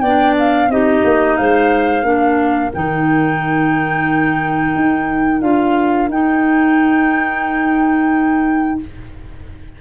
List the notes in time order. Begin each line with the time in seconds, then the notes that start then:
0.00 B3 D4 D5 G5
0.38 F5
0.68 C4 D#4 G4 D#5
1.04 A#3
1.36 G#3 C5 F5
2.02 A#3 D4 A#4
2.74 D#3 D#4 G5
4.75 D#4
5.40 D4 F4 F5
6.08 D#4 G5